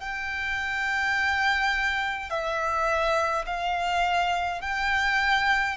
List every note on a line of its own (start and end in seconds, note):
0.00 2.30 G5
2.30 3.46 E5
3.46 4.61 F5
4.61 5.76 G5